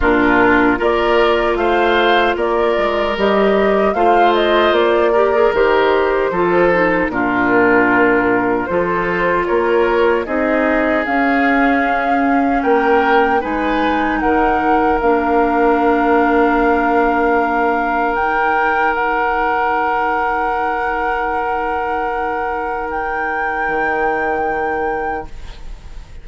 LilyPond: <<
  \new Staff \with { instrumentName = "flute" } { \time 4/4 \tempo 4 = 76 ais'4 d''4 f''4 d''4 | dis''4 f''8 dis''8 d''4 c''4~ | c''4 ais'2 c''4 | cis''4 dis''4 f''2 |
g''4 gis''4 fis''4 f''4~ | f''2. g''4 | fis''1~ | fis''4 g''2. | }
  \new Staff \with { instrumentName = "oboe" } { \time 4/4 f'4 ais'4 c''4 ais'4~ | ais'4 c''4. ais'4. | a'4 f'2 a'4 | ais'4 gis'2. |
ais'4 b'4 ais'2~ | ais'1~ | ais'1~ | ais'1 | }
  \new Staff \with { instrumentName = "clarinet" } { \time 4/4 d'4 f'2. | g'4 f'4. g'16 gis'16 g'4 | f'8 dis'8 d'2 f'4~ | f'4 dis'4 cis'2~ |
cis'4 dis'2 d'4~ | d'2. dis'4~ | dis'1~ | dis'1 | }
  \new Staff \with { instrumentName = "bassoon" } { \time 4/4 ais,4 ais4 a4 ais8 gis8 | g4 a4 ais4 dis4 | f4 ais,2 f4 | ais4 c'4 cis'2 |
ais4 gis4 dis4 ais4~ | ais2. dis'4~ | dis'1~ | dis'2 dis2 | }
>>